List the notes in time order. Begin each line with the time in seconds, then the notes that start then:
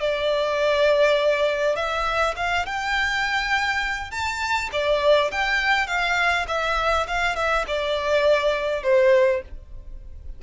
0.00 D5
1.75 E5
2.36 F5
2.65 G5
4.11 A5
4.72 D5
5.31 G5
5.87 F5
6.48 E5
7.07 F5
7.35 E5
7.67 D5
8.83 C5